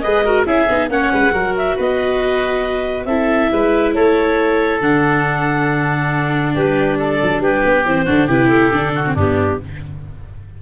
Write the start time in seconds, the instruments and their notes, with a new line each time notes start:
0.00 tuba G#3, viola G#4, oboe B4, clarinet D#5
0.25 viola F#4, oboe A#4
0.46 tuba C#4, viola E4, oboe G#4, clarinet E5
0.69 tuba B3, viola D#4
0.89 tuba A#3, viola C#4, oboe C#5, clarinet F#5
1.13 tuba G#3, oboe B4
1.31 tuba F#3, viola F#4, oboe A#4
1.57 clarinet E5
1.76 tuba B3, oboe B4, clarinet D#5
3.05 tuba C4, viola E4, oboe A4, clarinet E5
3.52 tuba G#3, oboe B4
3.94 tuba A3, oboe A4, clarinet C#5
4.81 tuba D3, viola D4, clarinet F#5
6.55 tuba G3, oboe G4, clarinet B4
6.98 oboe A4, clarinet D5
7.23 tuba F#3
7.40 tuba G3, oboe G4, clarinet B4
7.65 tuba B3
7.85 tuba E3, viola C4, clarinet C5
8.05 tuba D3, viola D4, oboe F#4
8.26 tuba C3, viola E4, oboe G4, clarinet B4
8.48 clarinet A4
8.72 tuba D3, viola D4
8.95 oboe F#4
9.06 viola C4
9.14 tuba G2, viola B3, oboe D4, clarinet G4